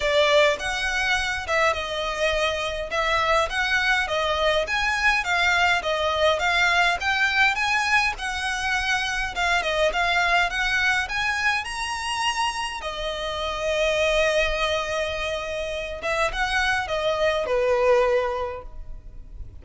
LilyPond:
\new Staff \with { instrumentName = "violin" } { \time 4/4 \tempo 4 = 103 d''4 fis''4. e''8 dis''4~ | dis''4 e''4 fis''4 dis''4 | gis''4 f''4 dis''4 f''4 | g''4 gis''4 fis''2 |
f''8 dis''8 f''4 fis''4 gis''4 | ais''2 dis''2~ | dis''2.~ dis''8 e''8 | fis''4 dis''4 b'2 | }